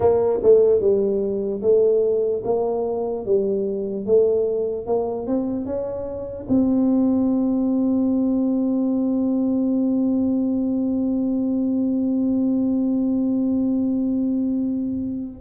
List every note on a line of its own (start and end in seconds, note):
0.00 0.39 A#3
0.42 0.80 A3
0.80 1.61 G3
1.61 2.43 A3
2.44 3.25 A#3
3.25 4.06 G3
4.06 4.86 A3
4.86 5.27 A#3
5.27 5.65 C4
5.65 6.46 C#4
6.49 15.41 C4